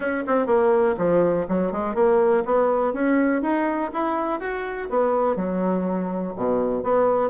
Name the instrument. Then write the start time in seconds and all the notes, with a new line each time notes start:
bassoon
0.00 C#4
0.27 C4
0.46 A#3
0.97 F3
1.48 F#3
1.72 G#3
1.94 A#3
2.45 B3
2.93 C#4
3.42 D#4
3.93 E4
4.39 F#4
4.89 B3
5.35 F#3
6.36 B2
6.83 B3